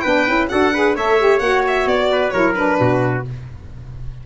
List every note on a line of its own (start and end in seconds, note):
0.00 0.28 B3
0.00 0.28 D4
0.00 0.49 B4
0.00 0.46 G5
0.28 0.51 C#4
0.28 0.50 E4
0.49 0.96 D4
0.49 0.73 F#4
0.49 0.74 A4
0.49 0.95 F#5
0.74 0.96 G#4
0.74 0.96 B4
0.96 1.40 A3
0.96 1.19 A4
0.96 2.10 C#5
0.96 1.39 E5
1.19 1.42 G4
1.39 1.86 A#3
1.39 2.33 F#4
1.39 1.62 F#5
1.68 1.88 E5
1.86 2.32 B3
1.86 2.30 D5
2.11 2.34 B4
2.30 2.80 F#3
2.30 2.56 E4
2.30 2.80 A#4
2.30 2.53 C#5
2.55 3.24 D4
2.55 3.24 B4
2.80 3.26 B2
2.80 3.27 F#4